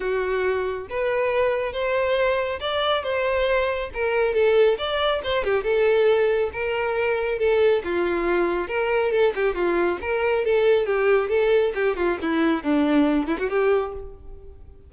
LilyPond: \new Staff \with { instrumentName = "violin" } { \time 4/4 \tempo 4 = 138 fis'2 b'2 | c''2 d''4 c''4~ | c''4 ais'4 a'4 d''4 | c''8 g'8 a'2 ais'4~ |
ais'4 a'4 f'2 | ais'4 a'8 g'8 f'4 ais'4 | a'4 g'4 a'4 g'8 f'8 | e'4 d'4. e'16 fis'16 g'4 | }